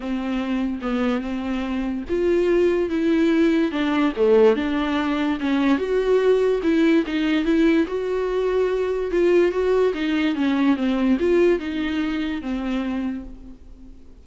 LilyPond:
\new Staff \with { instrumentName = "viola" } { \time 4/4 \tempo 4 = 145 c'2 b4 c'4~ | c'4 f'2 e'4~ | e'4 d'4 a4 d'4~ | d'4 cis'4 fis'2 |
e'4 dis'4 e'4 fis'4~ | fis'2 f'4 fis'4 | dis'4 cis'4 c'4 f'4 | dis'2 c'2 | }